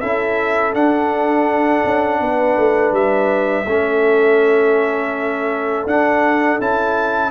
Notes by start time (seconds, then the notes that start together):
0.00 C#4 E4 A4 E5
0.73 D4 F#5
1.85 C#4
2.20 B3 B4
2.57 A3
2.92 G3 E5
3.65 A3 C#4 A4
5.86 D4 F#5
6.60 C#4 E4 A5